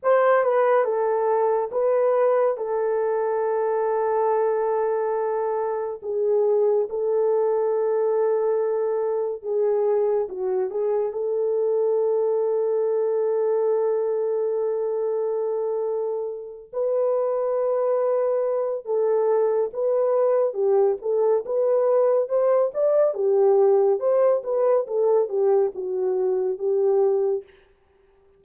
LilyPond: \new Staff \with { instrumentName = "horn" } { \time 4/4 \tempo 4 = 70 c''8 b'8 a'4 b'4 a'4~ | a'2. gis'4 | a'2. gis'4 | fis'8 gis'8 a'2.~ |
a'2.~ a'8 b'8~ | b'2 a'4 b'4 | g'8 a'8 b'4 c''8 d''8 g'4 | c''8 b'8 a'8 g'8 fis'4 g'4 | }